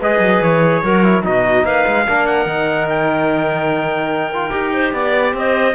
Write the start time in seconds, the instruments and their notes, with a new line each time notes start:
0.00 cello G#3, trombone G#4, clarinet B4, trumpet D#5
0.20 cello F#3
0.41 cello E3, trumpet C#5
0.83 cello F#3, trombone F#4, clarinet A#4
1.04 trombone E4
1.23 cello B2, trombone D#4, clarinet F#4, trumpet D#5
1.64 cello A#3, clarinet B4, trumpet F5
1.87 cello G#3
2.07 cello A#3, trombone D4, clarinet A#4
2.26 trumpet F#5
2.45 cello D#3, trombone D#4
2.89 trumpet G5
4.33 trombone F4
4.50 cello D#4, trombone G4
4.74 clarinet C5
4.93 cello B3, trumpet D5, clarinet D5
5.33 cello C4, clarinet C5, trumpet D#5